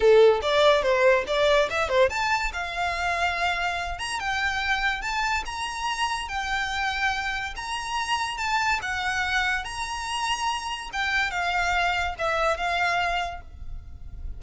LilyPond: \new Staff \with { instrumentName = "violin" } { \time 4/4 \tempo 4 = 143 a'4 d''4 c''4 d''4 | e''8 c''8 a''4 f''2~ | f''4. ais''8 g''2 | a''4 ais''2 g''4~ |
g''2 ais''2 | a''4 fis''2 ais''4~ | ais''2 g''4 f''4~ | f''4 e''4 f''2 | }